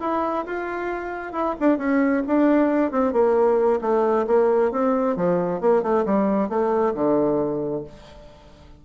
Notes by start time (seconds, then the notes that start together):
0.00 E4
0.46 F4
1.32 E4
1.60 D4
1.78 C#4
2.27 D4
2.91 C4
3.13 A#3
3.81 A3
4.27 A#3
4.72 C4
5.16 F3
5.61 A#3
5.82 A3
6.05 G3
6.49 A3
6.94 D3